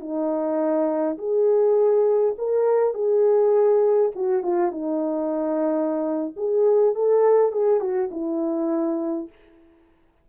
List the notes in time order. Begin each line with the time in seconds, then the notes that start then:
0.00 D#4
1.18 G#4
2.38 A#4
2.94 G#4
4.15 F#4
4.43 F4
4.72 D#4
6.37 G#4
6.95 A4
7.52 G#4
7.80 F#4
8.11 E4